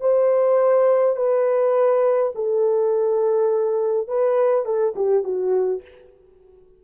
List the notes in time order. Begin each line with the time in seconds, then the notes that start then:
0.00 C5
1.16 B4
2.35 A4
4.08 B4
4.65 A4
4.96 G4
5.23 F#4